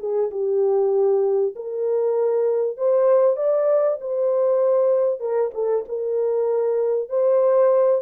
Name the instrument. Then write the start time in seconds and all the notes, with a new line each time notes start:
horn
0.00 G#4
0.31 G4
1.56 A#4
2.78 C5
3.37 D5
4.01 C5
5.20 A#4
5.54 A4
5.88 A#4
7.10 C5